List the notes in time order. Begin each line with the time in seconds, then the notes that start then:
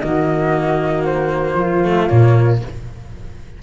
0.00 D#3 A#3 F#4 D#5
1.05 C5
1.54 F3 F4
1.84 A3
2.07 A#2 A#3 C#5